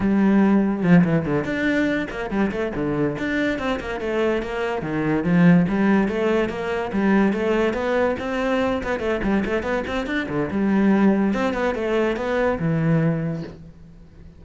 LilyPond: \new Staff \with { instrumentName = "cello" } { \time 4/4 \tempo 4 = 143 g2 f8 e8 d8 d'8~ | d'4 ais8 g8 a8 d4 d'8~ | d'8 c'8 ais8 a4 ais4 dis8~ | dis8 f4 g4 a4 ais8~ |
ais8 g4 a4 b4 c'8~ | c'4 b8 a8 g8 a8 b8 c'8 | d'8 d8 g2 c'8 b8 | a4 b4 e2 | }